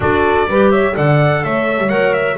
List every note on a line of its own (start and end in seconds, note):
0.00 0.46 D4
0.00 0.48 F#4
0.00 0.48 A4
0.00 0.71 D5
0.47 0.94 G3
0.47 0.93 G4
0.47 0.70 B4
0.70 0.94 C#5
0.70 0.95 E5
0.93 1.44 D3
0.93 1.88 A4
0.93 1.43 D5
0.93 1.44 F#5
1.43 1.77 A3
1.43 2.37 C#5
1.43 1.89 E5
1.77 1.89 G3
1.89 2.37 F#3
1.89 2.37 A#4
1.89 2.13 F#5
2.13 2.37 E5